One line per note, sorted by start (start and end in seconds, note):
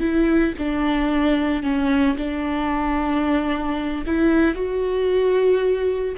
0.00 0.54 E4
0.58 1.63 D4
1.63 2.16 C#4
2.17 4.04 D4
4.06 4.55 E4
4.55 6.15 F#4